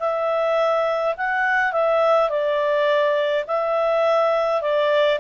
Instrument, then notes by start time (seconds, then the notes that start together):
clarinet
0.00 E5
1.17 F#5
1.73 E5
2.30 D5
3.48 E5
4.62 D5